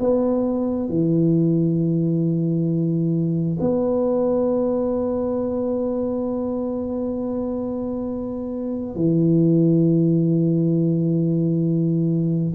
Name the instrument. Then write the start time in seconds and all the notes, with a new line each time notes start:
tuba
0.00 B3
0.90 E3
3.61 B3
8.96 E3